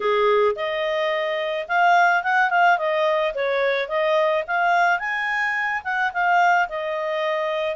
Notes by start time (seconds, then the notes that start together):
0.00 G#4
0.55 D#5
1.68 F5
2.23 F#5
2.50 F5
2.78 D#5
3.34 C#5
3.88 D#5
4.47 F5
4.98 G#5
5.84 F#5
6.13 F5
6.68 D#5